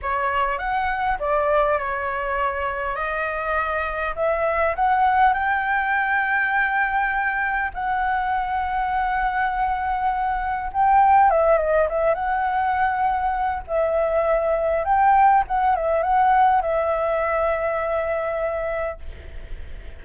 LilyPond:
\new Staff \with { instrumentName = "flute" } { \time 4/4 \tempo 4 = 101 cis''4 fis''4 d''4 cis''4~ | cis''4 dis''2 e''4 | fis''4 g''2.~ | g''4 fis''2.~ |
fis''2 g''4 e''8 dis''8 | e''8 fis''2~ fis''8 e''4~ | e''4 g''4 fis''8 e''8 fis''4 | e''1 | }